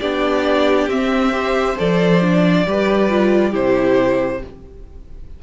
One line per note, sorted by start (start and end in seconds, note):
0.00 0.88 B3
0.00 0.90 D4
0.00 1.32 G4
0.00 0.89 D5
0.88 1.76 C4
0.88 1.33 C4
0.88 1.78 E5
1.33 1.77 G4
1.33 2.66 C5
1.78 2.66 F3
1.78 2.22 A4
1.78 3.55 D5
2.22 2.66 D4
2.66 3.54 G3
2.66 3.10 G4
2.66 3.51 B4
3.10 3.52 F4
3.51 4.42 C3
3.51 4.40 E4
3.51 4.39 G4
3.51 4.43 C5